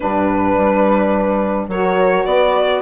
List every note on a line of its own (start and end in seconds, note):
0.00 0.57 G2
0.00 1.69 D4
0.00 1.67 B4
0.00 1.69 B4
0.57 1.67 G3
1.67 2.24 F#3
1.67 2.82 F#4
1.67 2.26 A#4
1.67 2.25 C#5
2.25 2.82 B3
2.25 2.82 B4
2.25 2.82 D5